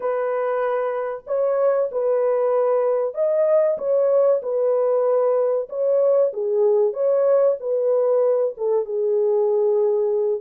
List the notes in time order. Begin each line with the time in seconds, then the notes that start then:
0.00 B4
1.27 C#5
1.91 B4
3.14 D#5
3.78 C#5
4.42 B4
5.69 C#5
6.33 G#4
6.93 C#5
7.60 B4
8.57 A4
8.85 G#4